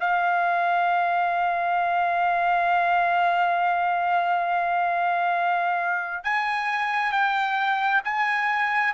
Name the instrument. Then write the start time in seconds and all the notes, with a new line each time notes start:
trumpet
0.00 F5
6.24 G#5
7.12 G5
8.04 G#5